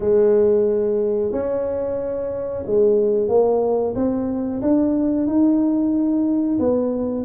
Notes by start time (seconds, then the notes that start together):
0.00 G#3
1.32 C#4
2.66 G#3
3.28 A#3
3.95 C4
4.61 D4
5.26 D#4
6.59 B3